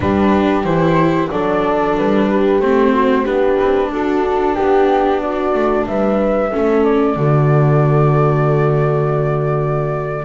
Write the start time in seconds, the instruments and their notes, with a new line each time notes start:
0.00 double bass G3, viola D4, horn G4, flute B4
0.63 double bass E3, viola E4, flute C5
1.30 double bass F#3, viola D4, horn A4, flute D5
1.97 double bass G3, flute B4
2.29 horn G4
2.59 double bass A3, viola C4, flute C5
2.93 horn F#4
3.23 double bass B3, viola D4, horn G4, flute B4
3.60 double bass C4
3.91 double bass D4, horn F#4, flute A4
4.54 double bass B3, flute G4, horn G4
5.20 horn F#4, flute D5
5.54 double bass A3
5.86 double bass G3, horn B4, flute E5
6.52 double bass A3, viola C#4, horn A4
6.83 flute D5
7.16 double bass D3, viola A3, horn F#4